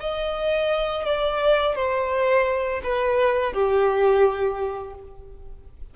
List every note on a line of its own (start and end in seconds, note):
0.00 1.06 D#5
1.06 1.76 D5
1.76 2.81 C5
2.84 3.53 B4
3.53 4.94 G4